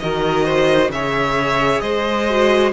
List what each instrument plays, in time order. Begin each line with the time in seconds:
0.00 cello D#3, viola F#4, violin A#4 D#5
0.46 violin C5
0.89 cello C#3, viola G#4, violin C#5 E5
1.81 cello G#3, violin C5 D#5
2.30 viola F#4